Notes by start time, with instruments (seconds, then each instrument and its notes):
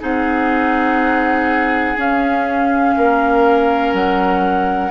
0.00 bassoon C4, clarinet D#4, oboe G#4, flute F#5
1.96 bassoon C#4, clarinet C#4, flute F5
2.97 bassoon A#3, oboe A#4
3.93 bassoon F#3, flute F#5